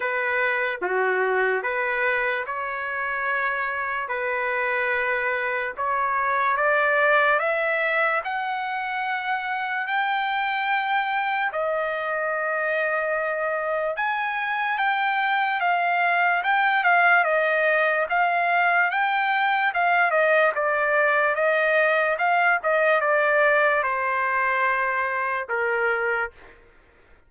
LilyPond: \new Staff \with { instrumentName = "trumpet" } { \time 4/4 \tempo 4 = 73 b'4 fis'4 b'4 cis''4~ | cis''4 b'2 cis''4 | d''4 e''4 fis''2 | g''2 dis''2~ |
dis''4 gis''4 g''4 f''4 | g''8 f''8 dis''4 f''4 g''4 | f''8 dis''8 d''4 dis''4 f''8 dis''8 | d''4 c''2 ais'4 | }